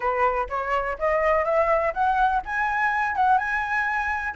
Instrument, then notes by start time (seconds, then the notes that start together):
flute
0.00 B4
0.49 C#5
0.98 D#5
1.44 E5
1.93 F#5
2.45 G#5
3.16 F#5
3.38 G#5